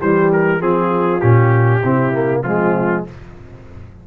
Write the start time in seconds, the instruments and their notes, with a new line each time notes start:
0.00 tuba E3, trombone G3, horn G4, trumpet C5
0.33 trumpet A#4
0.60 tuba F3, trombone C4, horn F4, trumpet G#4
1.21 tuba A#2, trombone C#4, trumpet G4
1.82 tuba C3, trombone C4, horn E4
2.13 trombone A#3
2.43 tuba F3, trombone G#3, horn C4, trumpet F4